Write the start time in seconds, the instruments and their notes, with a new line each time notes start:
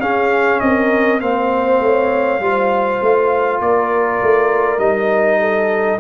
0.00 tuba C#4, trombone C#4, horn G#4, trumpet F5
0.60 tuba C4, horn A#4, trumpet D#5
1.21 tuba A#3, trombone C4, horn C5, trumpet F5
1.79 tuba A3, horn C#5
2.40 tuba G3, trombone F4, horn C5
3.02 tuba A3
3.60 tuba A#3, horn A#4, trumpet D5
4.22 tuba A3
4.78 tuba G3, trombone D#4, trumpet D#5
5.40 horn A4